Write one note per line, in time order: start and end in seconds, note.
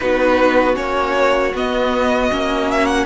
0.00 0.76 B3
0.00 0.74 D#4
0.00 3.05 F#4
0.00 0.75 B4
0.74 1.53 A#3
0.74 1.51 C#4
0.74 1.53 C#5
1.54 2.30 B3
1.54 2.71 D#5
2.30 3.05 A#3
2.30 3.05 C#4
2.71 2.86 E5
2.86 3.05 F#5